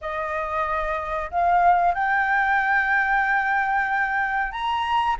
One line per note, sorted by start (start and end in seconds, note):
0.01 1.30 D#5
1.30 1.94 F5
1.94 4.52 G5
4.52 5.16 A#5